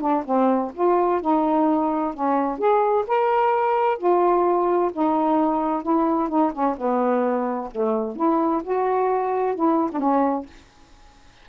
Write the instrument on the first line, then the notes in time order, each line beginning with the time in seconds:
saxophone
0.00 D4
0.25 C4
0.74 F4
1.21 D#4
2.14 C#4
2.58 G#4
3.07 A#4
3.98 F4
4.92 D#4
5.82 E4
6.28 D#4
6.53 C#4
6.77 B3
7.71 A3
8.16 E4
8.63 F#4
9.55 E4
9.92 D4
9.99 C#4